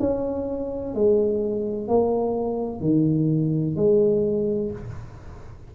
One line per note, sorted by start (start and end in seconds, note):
0.00 0.95 C#4
0.95 1.89 G#3
1.89 2.81 A#3
2.81 3.76 D#3
3.77 4.72 G#3